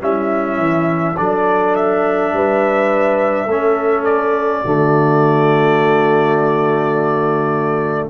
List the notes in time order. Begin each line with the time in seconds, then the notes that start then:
0.00 G3 C#4 E4 E5
0.57 E3
1.17 F#3 D4 A4 D5
1.75 E5
2.31 G3 B4
3.46 A3 C#4 A4
4.04 D5
4.64 D3 A3 F#4